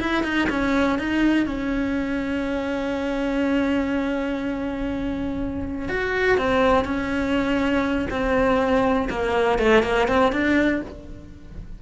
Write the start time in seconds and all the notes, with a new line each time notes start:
0.00 E4
0.24 D#4
0.50 C#4
0.99 D#4
1.46 C#4
5.89 F#4
6.38 C4
6.85 C#4
8.10 C4
9.10 A#3
9.59 A3
9.83 A#3
10.08 C4
10.33 D4